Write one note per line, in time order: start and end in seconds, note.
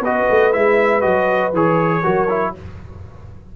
0.00 0.25 B3
0.00 0.52 F#4
0.00 2.02 B4
0.00 0.52 D#5
0.30 0.55 A3
0.52 1.05 G#3
0.52 1.01 E4
0.52 1.01 E5
1.01 1.53 F#3
1.01 1.51 F#4
1.01 1.51 D#5
1.53 2.03 E3
1.53 2.03 G#4
1.53 2.55 C#5
2.03 2.56 F#3
2.03 2.28 F#4
2.03 2.53 A#4
2.29 2.54 E4